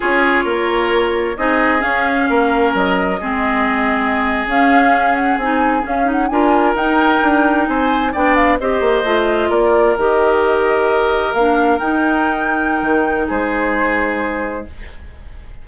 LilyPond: <<
  \new Staff \with { instrumentName = "flute" } { \time 4/4 \tempo 4 = 131 cis''2. dis''4 | f''2 dis''2~ | dis''4.~ dis''16 f''4. fis''8 gis''16~ | gis''8. f''8 fis''8 gis''4 g''4~ g''16~ |
g''8. gis''4 g''8 f''8 dis''4~ dis''16~ | dis''8. d''4 dis''2~ dis''16~ | dis''8. f''4 g''2~ g''16~ | g''4 c''2. | }
  \new Staff \with { instrumentName = "oboe" } { \time 4/4 gis'4 ais'2 gis'4~ | gis'4 ais'2 gis'4~ | gis'1~ | gis'4.~ gis'16 ais'2~ ais'16~ |
ais'8. c''4 d''4 c''4~ c''16~ | c''8. ais'2.~ ais'16~ | ais'1~ | ais'4 gis'2. | }
  \new Staff \with { instrumentName = "clarinet" } { \time 4/4 f'2. dis'4 | cis'2. c'4~ | c'4.~ c'16 cis'2 dis'16~ | dis'8. cis'8 dis'8 f'4 dis'4~ dis'16~ |
dis'4.~ dis'16 d'4 g'4 f'16~ | f'4.~ f'16 g'2~ g'16~ | g'8. d'4 dis'2~ dis'16~ | dis'1 | }
  \new Staff \with { instrumentName = "bassoon" } { \time 4/4 cis'4 ais2 c'4 | cis'4 ais4 fis4 gis4~ | gis4.~ gis16 cis'2 c'16~ | c'8. cis'4 d'4 dis'4 d'16~ |
d'8. c'4 b4 c'8 ais8 a16~ | a8. ais4 dis2~ dis16~ | dis8. ais4 dis'2~ dis'16 | dis4 gis2. | }
>>